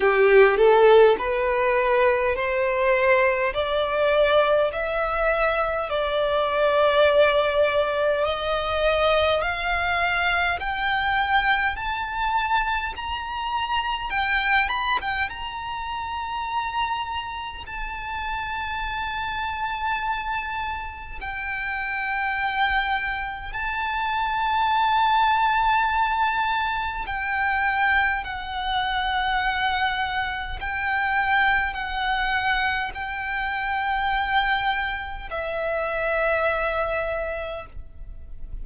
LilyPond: \new Staff \with { instrumentName = "violin" } { \time 4/4 \tempo 4 = 51 g'8 a'8 b'4 c''4 d''4 | e''4 d''2 dis''4 | f''4 g''4 a''4 ais''4 | g''8 b''16 g''16 ais''2 a''4~ |
a''2 g''2 | a''2. g''4 | fis''2 g''4 fis''4 | g''2 e''2 | }